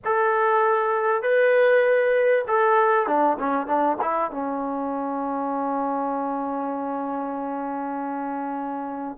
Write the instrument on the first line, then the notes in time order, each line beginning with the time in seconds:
trombone
0.04 A4
1.22 B4
2.47 A4
3.06 D4
3.39 C#4
3.66 D4
4.01 E4
4.31 C#4